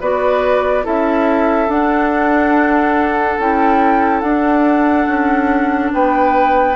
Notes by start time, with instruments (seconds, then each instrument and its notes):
0.00 bassoon B3, clarinet F#4, oboe B4, flute D5
0.83 bassoon C#4, clarinet E4, oboe A4, flute E5
1.68 bassoon D4, clarinet D4, flute F#5
3.38 bassoon C#4, clarinet E4, flute G5
4.20 bassoon D4, clarinet D4, flute F#5
5.07 bassoon C#4
5.93 bassoon B3, oboe B4, flute G5